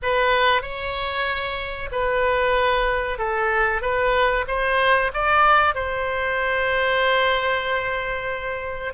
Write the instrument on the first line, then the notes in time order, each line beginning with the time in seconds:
oboe
0.02 B4
0.62 C#5
1.91 B4
3.18 A4
3.81 B4
4.47 C5
5.13 D5
5.74 C5